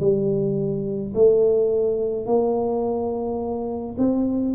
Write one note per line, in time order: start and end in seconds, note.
0.00 1.13 G3
1.14 2.26 A3
2.26 3.96 A#3
3.98 4.54 C4